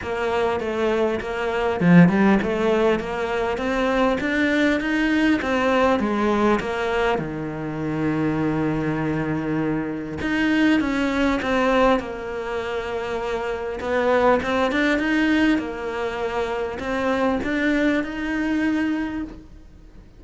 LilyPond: \new Staff \with { instrumentName = "cello" } { \time 4/4 \tempo 4 = 100 ais4 a4 ais4 f8 g8 | a4 ais4 c'4 d'4 | dis'4 c'4 gis4 ais4 | dis1~ |
dis4 dis'4 cis'4 c'4 | ais2. b4 | c'8 d'8 dis'4 ais2 | c'4 d'4 dis'2 | }